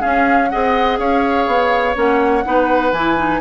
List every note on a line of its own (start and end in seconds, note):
0.00 0.48 C#4
0.00 0.53 C#4
0.00 0.49 G#4
0.00 0.49 F5
0.49 0.99 C4
0.49 1.95 G#4
0.49 0.99 D#5
0.49 0.98 F#5
0.99 1.47 C#4
0.99 2.45 C#5
0.99 1.96 F5
1.47 1.95 B3
1.95 2.45 A#3
1.95 2.43 C#4
1.95 2.93 F#5
2.45 2.92 B3
2.45 2.93 D#4
2.45 3.41 B4
2.92 3.41 E3
2.92 3.17 E4
2.92 3.41 G#5
3.17 3.41 D#4